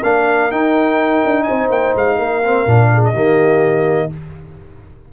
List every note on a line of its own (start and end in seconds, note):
0.00 0.51 A#3
0.00 0.52 D4
0.00 1.44 A#4
0.00 0.52 F5
0.51 1.23 D#4
0.51 2.44 D#4
0.51 1.44 G5
1.25 1.49 D4
1.44 2.16 C5
1.44 1.68 G#5
1.50 1.70 C4
1.70 1.94 A#3
1.70 1.96 G5
1.96 2.18 G#3
1.96 3.05 F5
2.16 2.66 A#3
2.16 2.88 A#4
2.44 2.67 C4
2.67 3.14 A#2
2.67 3.15 D4
2.94 3.13 G#4
3.05 4.13 D#5
3.13 4.09 D#3
3.13 4.11 A#3
3.13 4.09 G4